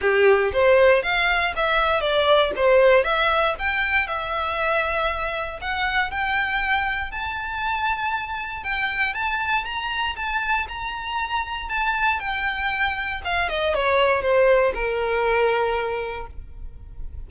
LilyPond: \new Staff \with { instrumentName = "violin" } { \time 4/4 \tempo 4 = 118 g'4 c''4 f''4 e''4 | d''4 c''4 e''4 g''4 | e''2. fis''4 | g''2 a''2~ |
a''4 g''4 a''4 ais''4 | a''4 ais''2 a''4 | g''2 f''8 dis''8 cis''4 | c''4 ais'2. | }